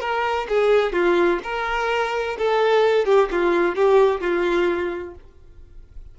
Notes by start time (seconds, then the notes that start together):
0.00 A#4
0.49 G#4
0.93 F4
1.43 A#4
2.38 A4
3.05 G4
3.31 F4
3.75 G4
4.21 F4